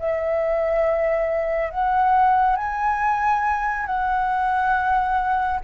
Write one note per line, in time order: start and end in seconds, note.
0.00 1.71 E5
1.71 2.57 F#5
2.57 3.87 G#5
3.87 5.61 F#5